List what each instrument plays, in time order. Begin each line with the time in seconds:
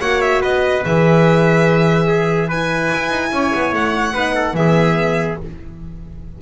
0.00 double bass A#3, horn F#4, trumpet C#5, violin F#5
0.21 violin E5
0.41 double bass B3, trumpet B4, violin D#5
0.83 double bass E3, horn G#4, violin E5
2.07 trumpet G#4
2.48 horn E4, trumpet B4, violin G#5
2.94 double bass E4
3.10 double bass D#4
3.32 double bass C#4, trumpet C#5
3.55 double bass B3
3.72 double bass A3, violin F#5
4.14 double bass B3, horn D#4, trumpet B4
4.35 trumpet A4
4.54 double bass E3, horn B3, trumpet G#4, violin E5